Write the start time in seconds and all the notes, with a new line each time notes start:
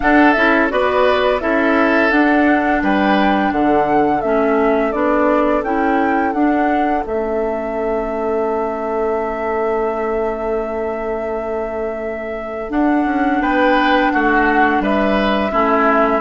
0.00 D4 A4 F#5
0.32 C#4 E4 E5
0.69 B3 F#4 B4 D5
1.40 C#4 E4 A4 E5
2.11 D4 F#5
2.82 G3 B4 G5
3.51 D3 A4 F#5
4.21 A3 C#4 E5
4.92 B3 D4 D5
5.62 C#4 E4 G5
6.32 D4 F#5
7.05 A3 C#4 E5
12.69 D4 F#5
13.05 C#4
13.40 B3 B4 G5
14.11 A3 F#4 F#5
14.80 G3 B4 E5
15.51 A3 C#4 E4